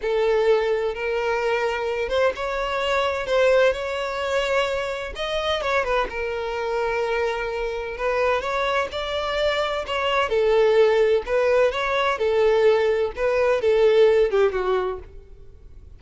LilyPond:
\new Staff \with { instrumentName = "violin" } { \time 4/4 \tempo 4 = 128 a'2 ais'2~ | ais'8 c''8 cis''2 c''4 | cis''2. dis''4 | cis''8 b'8 ais'2.~ |
ais'4 b'4 cis''4 d''4~ | d''4 cis''4 a'2 | b'4 cis''4 a'2 | b'4 a'4. g'8 fis'4 | }